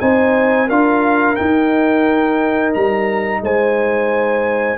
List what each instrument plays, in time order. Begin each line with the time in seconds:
0.00 tuba C4, trombone D#4, horn C5, trumpet G#5
0.67 tuba D4, trombone F4, horn A#4, trumpet F5
1.35 trombone D#4, tuba D#4, trumpet G5
2.73 tuba G3, trumpet A#5
3.41 tuba G#3, horn C5, trumpet G#5